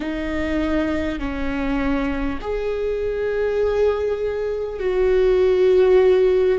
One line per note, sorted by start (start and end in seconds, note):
0.00 1.19 D#4
1.19 2.39 C#4
2.41 4.79 G#4
4.79 6.58 F#4